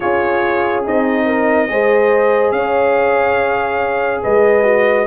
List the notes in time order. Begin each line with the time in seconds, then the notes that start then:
0.00 C#4 F4 G#4 C#5
0.84 C4 D#4 D#5
1.25 A#4
1.68 G#3 G#4 C5
2.51 C#4 C#5 F5
4.22 G#3 B4 D#5
4.63 F#4